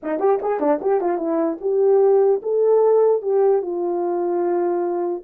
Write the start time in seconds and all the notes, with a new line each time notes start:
0.02 D#4
0.19 G4
0.42 G#4
0.60 D4
0.81 G4
1.00 F4
1.17 E4
1.60 G4
2.42 A4
3.22 G4
3.61 F4